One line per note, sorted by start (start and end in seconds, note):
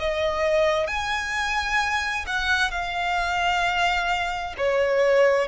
0.00 0.87 D#5
0.87 2.26 G#5
2.27 2.71 F#5
2.71 4.56 F5
4.58 5.48 C#5